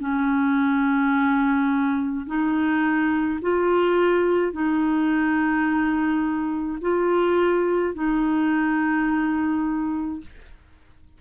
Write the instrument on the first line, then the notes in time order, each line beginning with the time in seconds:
clarinet
0.00 C#4
2.27 D#4
3.42 F4
4.53 D#4
6.81 F4
7.95 D#4